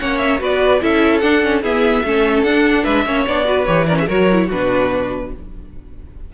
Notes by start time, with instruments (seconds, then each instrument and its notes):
0.00 cello A#3, viola C#4, violin C#5 F#5
0.18 violin E5
0.39 cello B3, viola F#4, violin B4 D5
0.82 cello C#4, viola E4, violin A4 E5
1.20 viola D4, cello D4, violin F#5
1.43 viola C#4
1.62 viola B3, cello E4, violin G#4 E5
2.04 cello A3, viola C#4, violin A4
2.43 cello D4, viola D4, violin F#5
2.84 cello G#3, violin B4 E5
3.06 cello A#3, viola C#4, violin C#5
3.27 cello B3, viola D4, violin D5
3.45 viola F#4, violin B4
3.65 cello E3, viola G4, violin C#5
3.87 viola C#4, violin A#4 D5
3.98 violin G#4 E5
4.08 cello F#3, viola F#4, violin A#4 C#5
4.32 viola E4
4.46 viola D4, violin F#4 B4
4.52 cello B2